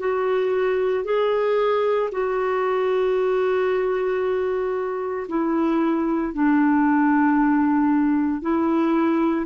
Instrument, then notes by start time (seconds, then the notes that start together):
clarinet
0.00 F#4
1.05 G#4
2.11 F#4
5.29 E4
6.33 D4
8.42 E4